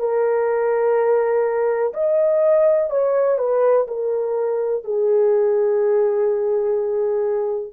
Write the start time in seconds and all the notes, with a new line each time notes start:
0.00 A#4
1.94 D#5
2.90 C#5
3.39 B4
3.88 A#4
4.84 G#4